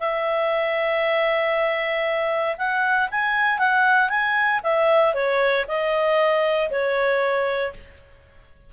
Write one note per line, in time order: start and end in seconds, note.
0.00 2.56 E5
2.58 3.09 F#5
3.11 3.59 G#5
3.59 4.09 F#5
4.09 4.61 G#5
4.64 5.14 E5
5.14 5.65 C#5
5.68 6.71 D#5
6.71 7.73 C#5